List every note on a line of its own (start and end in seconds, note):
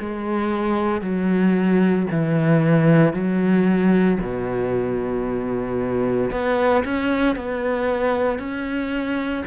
0.00 1.01 G#3
1.01 2.07 F#3
2.11 3.14 E3
3.14 4.19 F#3
4.21 6.31 B2
6.32 6.84 B3
6.85 7.36 C#4
7.36 8.39 B3
8.39 9.44 C#4